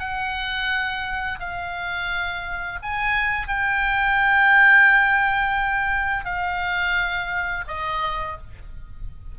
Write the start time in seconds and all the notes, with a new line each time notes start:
0.00 F#5
1.40 F5
2.83 G#5
3.48 G5
6.25 F5
7.68 D#5